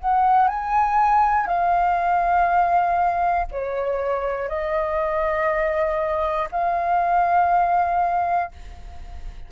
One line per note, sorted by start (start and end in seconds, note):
0.00 0.48 F#5
0.48 1.46 G#5
1.46 3.46 F5
3.51 4.49 C#5
4.49 6.49 D#5
6.51 8.51 F5